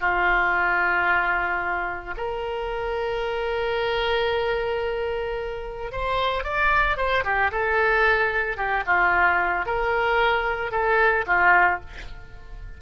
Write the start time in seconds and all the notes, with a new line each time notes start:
0.00 F4
2.17 A#4
5.91 C5
6.44 D5
6.97 C5
7.24 G4
7.51 A4
8.57 G4
8.86 F4
9.66 A#4
10.71 A4
11.27 F4